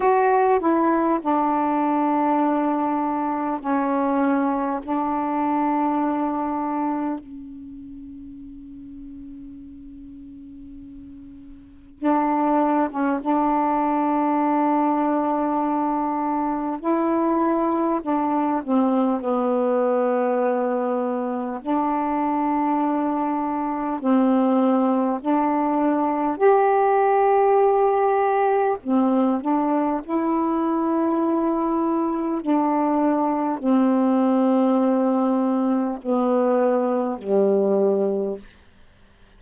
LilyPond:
\new Staff \with { instrumentName = "saxophone" } { \time 4/4 \tempo 4 = 50 fis'8 e'8 d'2 cis'4 | d'2 cis'2~ | cis'2 d'8. cis'16 d'4~ | d'2 e'4 d'8 c'8 |
b2 d'2 | c'4 d'4 g'2 | c'8 d'8 e'2 d'4 | c'2 b4 g4 | }